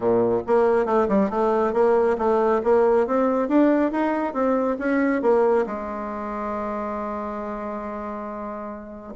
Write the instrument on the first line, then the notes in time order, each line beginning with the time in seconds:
bassoon
0.00 A#2
0.46 A#3
0.85 A3
1.08 G3
1.29 A3
1.73 A#3
2.18 A3
2.63 A#3
3.07 C4
3.48 D4
3.91 D#4
4.33 C4
4.78 C#4
5.22 A#3
5.66 G#3